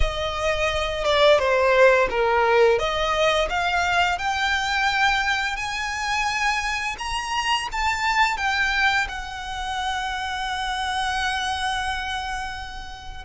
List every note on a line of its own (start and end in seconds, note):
0.00 1.04 D#5
1.04 1.38 D5
1.38 2.08 C5
2.09 2.78 A#4
2.78 3.48 D#5
3.49 4.18 F5
4.18 5.56 G5
5.56 6.96 G#5
6.98 7.68 A#5
7.72 8.37 A5
8.37 9.07 G5
9.08 13.24 F#5